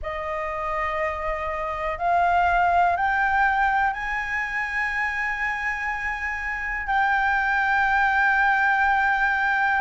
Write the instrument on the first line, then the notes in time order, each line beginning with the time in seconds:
flute
0.02 D#5
1.98 F5
2.96 G5
3.93 G#5
6.86 G5